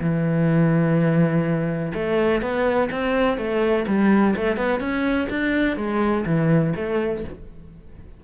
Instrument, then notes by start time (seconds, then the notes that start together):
cello
0.00 E3
1.94 A3
2.41 B3
2.91 C4
3.37 A3
3.87 G3
4.36 A3
4.57 B3
4.80 C#4
5.29 D4
5.76 G#3
6.26 E3
6.75 A3